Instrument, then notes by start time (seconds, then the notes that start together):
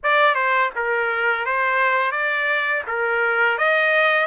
trumpet
0.03 D5
0.34 C5
0.75 A#4
1.45 C5
2.11 D5
2.87 A#4
3.58 D#5